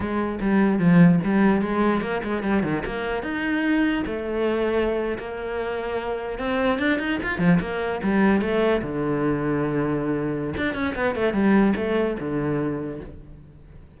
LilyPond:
\new Staff \with { instrumentName = "cello" } { \time 4/4 \tempo 4 = 148 gis4 g4 f4 g4 | gis4 ais8 gis8 g8 dis8 ais4 | dis'2 a2~ | a8. ais2. c'16~ |
c'8. d'8 dis'8 f'8 f8 ais4 g16~ | g8. a4 d2~ d16~ | d2 d'8 cis'8 b8 a8 | g4 a4 d2 | }